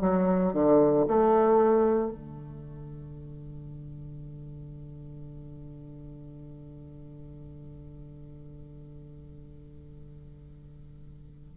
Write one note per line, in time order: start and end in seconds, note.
0.00 0.53 F#3
0.53 1.05 D3
1.07 2.11 A3
2.11 11.56 D3